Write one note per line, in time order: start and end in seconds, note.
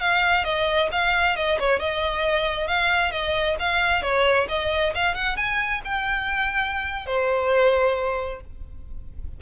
0.00 0.44 F5
0.44 0.89 D#5
0.92 1.36 F5
1.36 1.59 D#5
1.59 1.80 C#5
1.80 2.67 D#5
2.67 3.11 F5
3.11 3.56 D#5
3.59 4.02 F5
4.02 4.47 C#5
4.48 4.93 D#5
4.94 5.15 F5
5.15 5.36 F#5
5.36 5.81 G#5
5.84 7.06 G5
7.06 8.41 C5